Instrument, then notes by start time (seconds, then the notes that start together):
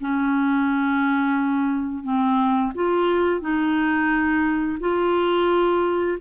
clarinet
0.00 C#4
2.03 C4
2.75 F4
3.40 D#4
4.80 F4